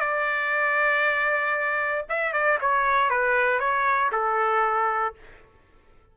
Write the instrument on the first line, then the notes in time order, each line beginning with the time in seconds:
trumpet
0.00 D5
2.09 E5
2.33 D5
2.61 C#5
3.10 B4
3.60 C#5
4.12 A4